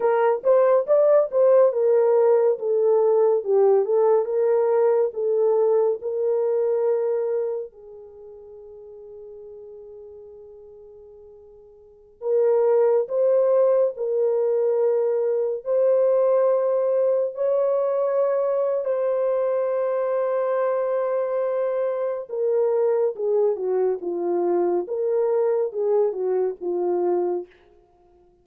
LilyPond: \new Staff \with { instrumentName = "horn" } { \time 4/4 \tempo 4 = 70 ais'8 c''8 d''8 c''8 ais'4 a'4 | g'8 a'8 ais'4 a'4 ais'4~ | ais'4 gis'2.~ | gis'2~ gis'16 ais'4 c''8.~ |
c''16 ais'2 c''4.~ c''16~ | c''16 cis''4.~ cis''16 c''2~ | c''2 ais'4 gis'8 fis'8 | f'4 ais'4 gis'8 fis'8 f'4 | }